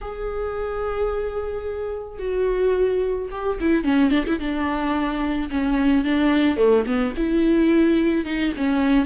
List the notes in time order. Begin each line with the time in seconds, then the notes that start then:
0.01 G#4
2.18 F#4
3.30 G4
3.60 E4
3.84 C#4
4.10 D4
4.26 E4
4.39 D4
5.50 C#4
6.04 D4
6.57 A3
6.86 B3
7.17 E4
8.25 D#4
8.57 C#4